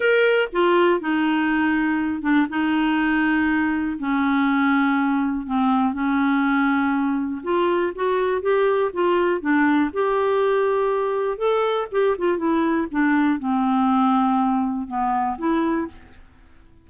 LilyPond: \new Staff \with { instrumentName = "clarinet" } { \time 4/4 \tempo 4 = 121 ais'4 f'4 dis'2~ | dis'8 d'8 dis'2. | cis'2. c'4 | cis'2. f'4 |
fis'4 g'4 f'4 d'4 | g'2. a'4 | g'8 f'8 e'4 d'4 c'4~ | c'2 b4 e'4 | }